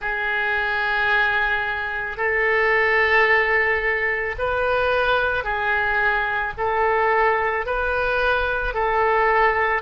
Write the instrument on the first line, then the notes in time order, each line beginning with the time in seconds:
oboe
0.00 G#4
2.17 A4
4.38 B4
5.43 G#4
6.57 A4
7.66 B4
8.74 A4